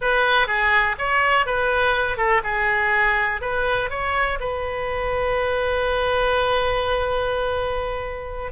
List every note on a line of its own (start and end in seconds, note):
0.01 0.47 B4
0.47 0.95 G#4
0.98 1.45 C#5
1.45 2.17 B4
2.17 2.41 A4
2.43 3.41 G#4
3.41 3.90 B4
3.90 4.39 C#5
4.39 8.52 B4